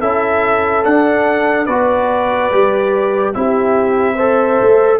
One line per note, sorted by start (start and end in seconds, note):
0.00 0.85 C#4
0.00 0.84 E4
0.00 1.66 A4
0.00 0.84 E5
0.84 1.67 D4
0.84 1.68 D4
0.84 1.66 F#5
1.66 2.51 B3
1.66 2.51 F#4
1.66 3.33 B4
1.66 3.33 D5
2.51 3.35 G3
2.51 3.35 G4
3.34 4.61 C4
3.34 4.18 E4
3.34 4.15 G4
3.34 5.00 E5
4.15 5.00 A4
4.15 4.99 C5
4.62 5.00 A3